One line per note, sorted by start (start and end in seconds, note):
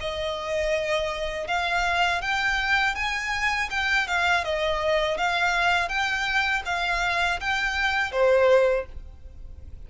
0.00 1.47 D#5
1.47 2.21 F5
2.21 2.95 G5
2.95 3.69 G#5
3.70 4.07 G5
4.07 4.44 F5
4.44 5.17 D#5
5.17 5.89 F5
5.89 6.63 G5
6.65 7.39 F5
7.40 8.11 G5
8.11 8.86 C5